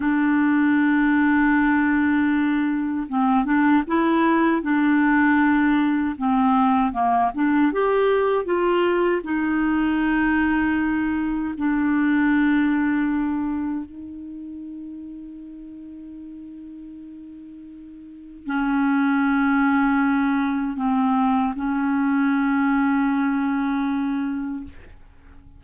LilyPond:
\new Staff \with { instrumentName = "clarinet" } { \time 4/4 \tempo 4 = 78 d'1 | c'8 d'8 e'4 d'2 | c'4 ais8 d'8 g'4 f'4 | dis'2. d'4~ |
d'2 dis'2~ | dis'1 | cis'2. c'4 | cis'1 | }